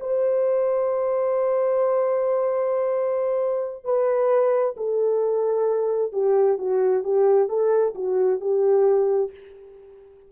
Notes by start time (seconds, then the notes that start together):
0.00 C5
3.84 B4
4.77 A4
6.12 G4
6.58 F#4
7.04 G4
7.49 A4
7.95 F#4
8.40 G4